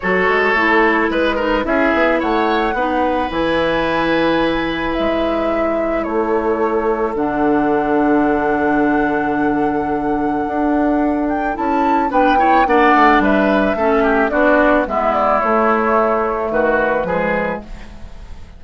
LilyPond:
<<
  \new Staff \with { instrumentName = "flute" } { \time 4/4 \tempo 4 = 109 cis''2 b'4 e''4 | fis''2 gis''2~ | gis''4 e''2 cis''4~ | cis''4 fis''2.~ |
fis''1~ | fis''8 g''8 a''4 g''4 fis''4 | e''2 d''4 e''8 d''8 | cis''2 b'2 | }
  \new Staff \with { instrumentName = "oboe" } { \time 4/4 a'2 b'8 ais'8 gis'4 | cis''4 b'2.~ | b'2. a'4~ | a'1~ |
a'1~ | a'2 b'8 cis''8 d''4 | b'4 a'8 g'8 fis'4 e'4~ | e'2 fis'4 gis'4 | }
  \new Staff \with { instrumentName = "clarinet" } { \time 4/4 fis'4 e'4. dis'8 e'4~ | e'4 dis'4 e'2~ | e'1~ | e'4 d'2.~ |
d'1~ | d'4 e'4 d'8 e'8 d'4~ | d'4 cis'4 d'4 b4 | a2. gis4 | }
  \new Staff \with { instrumentName = "bassoon" } { \time 4/4 fis8 gis8 a4 gis4 cis'8 b8 | a4 b4 e2~ | e4 gis2 a4~ | a4 d2.~ |
d2. d'4~ | d'4 cis'4 b4 ais8 a8 | g4 a4 b4 gis4 | a2 dis4 f4 | }
>>